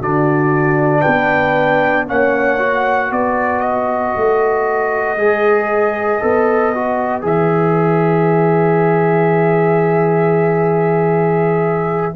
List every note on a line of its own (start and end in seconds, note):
0.00 1.03 D3
0.00 2.07 D4
0.00 1.01 F#4
0.00 1.01 D5
1.01 2.10 B3
1.01 2.04 B4
1.01 2.05 G5
2.07 3.11 A#3
2.07 2.59 C#4
2.07 3.10 C#5
2.07 3.12 F#5
2.59 5.17 F#4
3.10 4.15 B3
3.10 12.15 B4
3.10 3.60 D5
3.60 7.22 D#5
4.17 5.17 A3
5.17 6.20 G#3
5.17 6.21 G#4
6.21 7.23 B3
6.21 6.73 A4
6.75 7.22 F#4
7.22 12.14 E3
7.22 12.13 G#4
7.22 12.16 E5